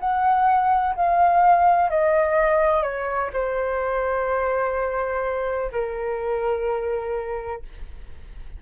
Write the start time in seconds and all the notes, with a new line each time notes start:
0.00 F#5
0.96 F5
1.90 D#5
2.83 C#5
3.33 C5
5.72 A#4